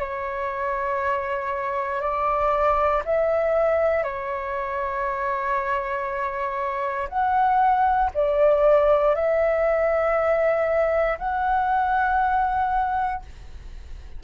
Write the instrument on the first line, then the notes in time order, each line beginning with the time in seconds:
flute
0.00 C#5
2.01 D5
3.05 E5
4.04 C#5
7.09 F#5
8.14 D5
9.15 E5
11.19 F#5